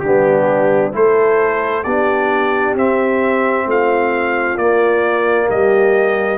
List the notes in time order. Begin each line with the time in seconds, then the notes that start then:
0.00 G3 D4 G4
0.06 B3
0.93 A3 E4 A4 C5
1.84 B3 D4 G4 D5
2.76 C4 E5
3.67 A3 F4 F5
4.57 A#3 D5
5.48 G3 G4 D#5